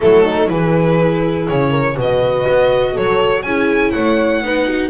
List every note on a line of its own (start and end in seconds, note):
0.00 0.49 F#3
0.00 0.46 A3
0.00 0.23 E4
0.00 0.48 A4
0.23 0.48 D#4
0.46 1.48 E3
0.46 1.94 E4
0.46 1.70 G#4
0.46 1.47 B4
1.48 1.96 C#3
1.48 1.97 C#5
1.70 1.94 A#4
1.95 2.46 B2
1.95 3.42 F#4
1.95 2.93 B4
1.95 2.96 D#5
2.48 2.97 B3
2.93 3.43 F#3
2.93 3.42 A4
2.93 3.42 C#5
3.42 3.92 C#4
3.42 4.44 E4
3.42 3.92 G#4
3.42 3.91 G#5
3.91 4.42 A3
3.91 4.41 C#5
3.91 4.89 F#5
4.42 4.90 B3
4.42 4.90 D#4
4.42 4.66 B4
4.66 4.90 F#4